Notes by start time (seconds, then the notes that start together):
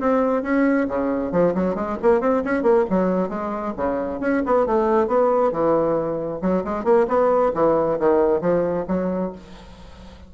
0.00 C4
0.43 C#4
0.88 C#3
1.32 F3
1.55 F#3
1.75 G#3
2.02 A#3
2.21 C4
2.45 C#4
2.63 A#3
2.90 F#3
3.29 G#3
3.77 C#3
4.20 C#4
4.46 B3
4.66 A3
5.07 B3
5.52 E3
6.42 F#3
6.64 G#3
6.84 A#3
7.08 B3
7.54 E3
8.00 D#3
8.41 F3
8.88 F#3